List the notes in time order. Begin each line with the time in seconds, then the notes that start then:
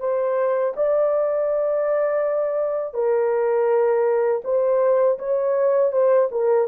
0.00 C5
0.76 D5
2.94 A#4
4.44 C5
5.19 C#5
5.92 C5
6.32 A#4